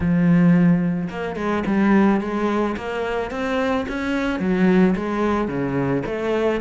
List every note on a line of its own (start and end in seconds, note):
0.00 1.09 F3
1.09 1.36 A#3
1.36 1.63 G#3
1.66 2.20 G3
2.20 2.75 G#3
2.76 3.30 A#3
3.30 3.85 C4
3.88 4.39 C#4
4.39 4.94 F#3
4.95 5.47 G#3
5.47 6.03 C#3
6.06 6.61 A3